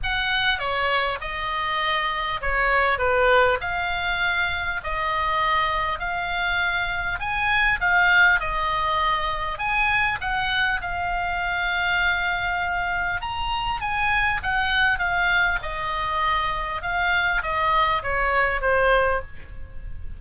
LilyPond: \new Staff \with { instrumentName = "oboe" } { \time 4/4 \tempo 4 = 100 fis''4 cis''4 dis''2 | cis''4 b'4 f''2 | dis''2 f''2 | gis''4 f''4 dis''2 |
gis''4 fis''4 f''2~ | f''2 ais''4 gis''4 | fis''4 f''4 dis''2 | f''4 dis''4 cis''4 c''4 | }